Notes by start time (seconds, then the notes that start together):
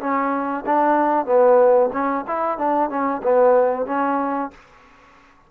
0.00 C#4
0.66 D4
1.26 B3
1.93 C#4
2.28 E4
2.58 D4
2.90 C#4
3.23 B3
3.86 C#4